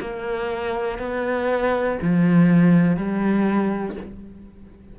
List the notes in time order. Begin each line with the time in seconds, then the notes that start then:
0.00 A#3
0.99 B3
2.02 F3
2.97 G3